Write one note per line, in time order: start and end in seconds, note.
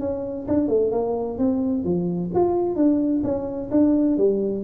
0.00 0.47 C#4
0.48 0.68 D4
0.68 0.92 A3
0.92 1.38 A#3
1.38 1.84 C4
1.84 2.31 F3
2.34 2.76 F4
2.76 3.22 D4
3.24 3.70 C#4
3.71 4.17 D4
4.17 4.64 G3